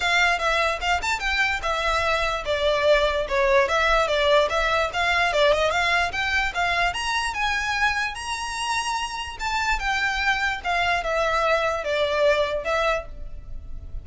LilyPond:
\new Staff \with { instrumentName = "violin" } { \time 4/4 \tempo 4 = 147 f''4 e''4 f''8 a''8 g''4 | e''2 d''2 | cis''4 e''4 d''4 e''4 | f''4 d''8 dis''8 f''4 g''4 |
f''4 ais''4 gis''2 | ais''2. a''4 | g''2 f''4 e''4~ | e''4 d''2 e''4 | }